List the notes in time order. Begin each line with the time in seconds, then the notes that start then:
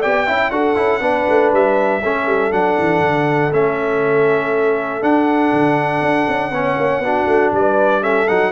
0.00 B3 G4 D5 G5
0.26 C#4 E4 E5
0.50 D4 F#4 A4 F#5
0.75 C#4 E4
1.00 B3 D4 B4
1.28 A3
1.52 G3 E5
2.03 A3 C#4 A4
2.26 G3
2.51 F#3 D4 F#5
2.78 E3
3.00 D3
3.52 A3 C#4 E5
5.01 D4 F#5
5.53 D3
6.01 D4
6.28 C#4
6.51 B3 C#4 C#5
6.77 A#3
6.99 B3 D4 F#4
7.26 A3
7.52 G3 B4 D5
8.01 C#4 A4 E5
8.27 F#3 D#4 F#5